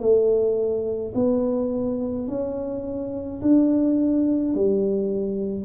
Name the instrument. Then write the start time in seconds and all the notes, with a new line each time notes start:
tuba
0.00 A3
1.15 B3
2.28 C#4
3.42 D4
4.55 G3